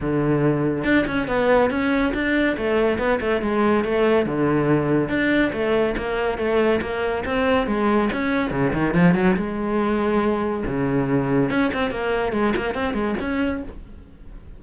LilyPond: \new Staff \with { instrumentName = "cello" } { \time 4/4 \tempo 4 = 141 d2 d'8 cis'8 b4 | cis'4 d'4 a4 b8 a8 | gis4 a4 d2 | d'4 a4 ais4 a4 |
ais4 c'4 gis4 cis'4 | cis8 dis8 f8 fis8 gis2~ | gis4 cis2 cis'8 c'8 | ais4 gis8 ais8 c'8 gis8 cis'4 | }